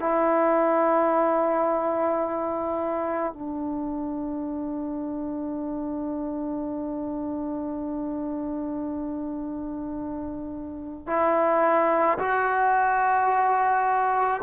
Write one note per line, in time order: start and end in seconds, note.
0.00 3.33 E4
3.33 11.07 D4
11.07 12.18 E4
12.19 14.41 F#4